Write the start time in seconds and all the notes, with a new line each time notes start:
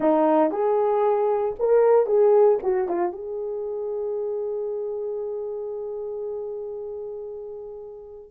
0.00 D#4
0.51 G#4
1.59 A#4
2.06 G#4
2.63 F#4
2.88 F4
3.12 G#4